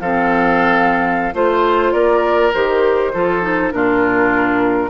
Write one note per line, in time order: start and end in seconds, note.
0.00 1.34 F3
0.00 1.33 C4
0.00 1.34 A4
0.00 1.34 F5
1.33 1.93 A3
1.33 2.51 F4
1.33 1.93 C5
1.33 1.92 C5
1.92 2.52 A#3
1.92 3.12 A#4
1.92 2.51 D5
2.53 3.14 D#3
2.53 3.13 G4
2.53 3.71 C5
3.13 3.72 F3
3.13 3.41 F4
3.13 3.73 A4
3.41 3.71 D#4
3.71 4.90 A#2
3.71 4.90 D4
3.71 4.90 F4
3.71 4.90 A#4